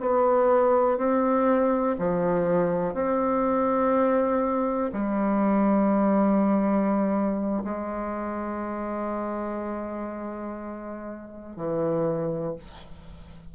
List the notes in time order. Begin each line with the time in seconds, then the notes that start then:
0.00 B3
0.98 C4
1.99 F3
2.94 C4
4.93 G3
7.65 G#3
11.57 E3